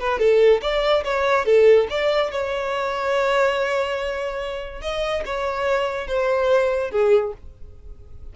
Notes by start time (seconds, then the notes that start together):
0.00 B4
0.19 A4
0.62 D5
1.05 C#5
1.46 A4
1.90 D5
2.32 C#5
4.82 D#5
5.26 C#5
6.07 C5
6.91 G#4